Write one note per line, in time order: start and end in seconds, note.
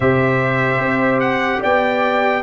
0.00 0.78 C3
0.00 2.42 G4
0.00 1.59 C5
0.00 1.20 E5
0.78 1.59 C4
1.20 1.60 F#5
1.59 2.42 B3
1.59 2.40 D5
1.59 2.42 G5